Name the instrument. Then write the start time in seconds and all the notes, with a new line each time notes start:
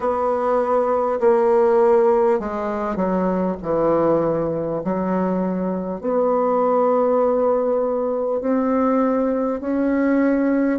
bassoon
0.00 B3
1.20 A#3
2.39 G#3
2.96 F#3
3.62 E3
4.83 F#3
6.01 B3
8.41 C4
9.60 C#4